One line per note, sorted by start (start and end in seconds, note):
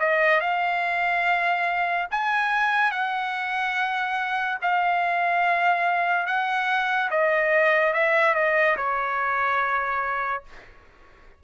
0.00 0.41 D#5
0.41 2.08 F5
2.11 2.92 G#5
2.92 4.59 F#5
4.62 6.27 F5
6.27 7.10 F#5
7.11 7.94 D#5
7.94 8.35 E5
8.35 8.77 D#5
8.77 10.44 C#5